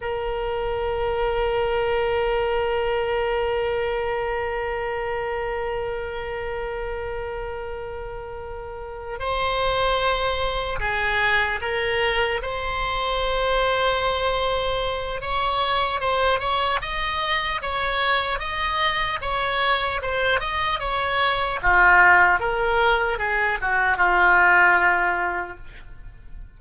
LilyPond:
\new Staff \with { instrumentName = "oboe" } { \time 4/4 \tempo 4 = 75 ais'1~ | ais'1~ | ais'2.~ ais'8 c''8~ | c''4. gis'4 ais'4 c''8~ |
c''2. cis''4 | c''8 cis''8 dis''4 cis''4 dis''4 | cis''4 c''8 dis''8 cis''4 f'4 | ais'4 gis'8 fis'8 f'2 | }